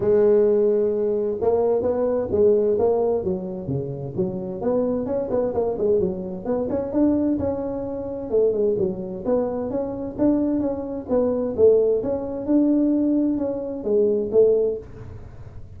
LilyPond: \new Staff \with { instrumentName = "tuba" } { \time 4/4 \tempo 4 = 130 gis2. ais4 | b4 gis4 ais4 fis4 | cis4 fis4 b4 cis'8 b8 | ais8 gis8 fis4 b8 cis'8 d'4 |
cis'2 a8 gis8 fis4 | b4 cis'4 d'4 cis'4 | b4 a4 cis'4 d'4~ | d'4 cis'4 gis4 a4 | }